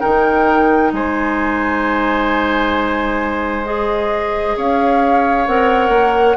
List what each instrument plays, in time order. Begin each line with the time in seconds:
0.00 bassoon D#3, clarinet D#4, oboe A#4, flute G5
0.92 bassoon G#3, oboe C5, flute G#5
3.65 clarinet G#4, flute D#5
4.57 bassoon C#4, oboe C#5, flute F5
5.47 bassoon C4, clarinet A#4, flute F#5
5.89 bassoon A#3